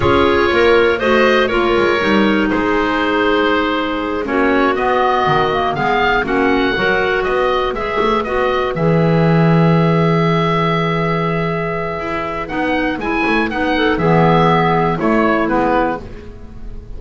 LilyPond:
<<
  \new Staff \with { instrumentName = "oboe" } { \time 4/4 \tempo 4 = 120 cis''2 dis''4 cis''4~ | cis''4 c''2.~ | c''8 cis''4 dis''2 f''8~ | f''8 fis''2 dis''4 e''8~ |
e''8 dis''4 e''2~ e''8~ | e''1~ | e''4 fis''4 gis''4 fis''4 | e''2 cis''4 b'4 | }
  \new Staff \with { instrumentName = "clarinet" } { \time 4/4 gis'4 ais'4 c''4 ais'4~ | ais'4 gis'2.~ | gis'8 fis'2. gis'8~ | gis'8 fis'4 ais'4 b'4.~ |
b'1~ | b'1~ | b'2.~ b'8 a'8 | gis'2 e'2 | }
  \new Staff \with { instrumentName = "clarinet" } { \time 4/4 f'2 fis'4 f'4 | dis'1~ | dis'8 cis'4 b4. ais8 b8~ | b8 cis'4 fis'2 gis'8~ |
gis'8 fis'4 gis'2~ gis'8~ | gis'1~ | gis'4 dis'4 e'4 dis'4 | b2 a4 b4 | }
  \new Staff \with { instrumentName = "double bass" } { \time 4/4 cis'4 ais4 a4 ais8 gis8 | g4 gis2.~ | gis8 ais4 b4 dis4 gis8~ | gis8 ais4 fis4 b4 gis8 |
a8 b4 e2~ e8~ | e1 | e'4 b4 gis8 a8 b4 | e2 a4 gis4 | }
>>